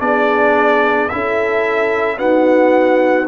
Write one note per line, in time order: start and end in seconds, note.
0.00 1.10 B3
0.00 1.09 D4
0.00 1.10 G#4
0.00 1.09 D5
1.09 2.20 C#4
1.09 2.17 E4
1.09 2.17 A4
1.09 2.18 E5
2.17 3.26 B3
2.17 3.28 D#4
2.17 3.27 F#4
2.17 3.27 F#5